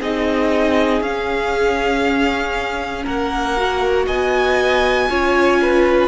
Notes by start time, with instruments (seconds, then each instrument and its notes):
0.00 cello C4, viola D#4, violin G#4 D#5
1.00 cello C#4, viola C#4, violin F5
3.04 cello A#3, violin A#4 F#5
3.57 viola F#4
4.07 cello B3, violin D#5 G#5
5.09 cello C#4, viola F4, violin C#5
5.61 violin B4